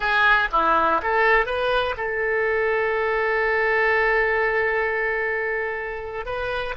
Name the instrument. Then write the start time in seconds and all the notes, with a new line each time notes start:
oboe
0.00 G#4
0.52 E4
1.02 A4
1.46 B4
1.97 A4
6.25 B4